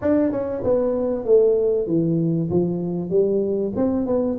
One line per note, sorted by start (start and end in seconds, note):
0.01 0.31 D4
0.31 0.62 C#4
0.64 1.24 B3
1.24 1.87 A3
1.87 2.49 E3
2.50 3.10 F3
3.10 3.72 G3
3.76 4.06 C4
4.06 4.37 B3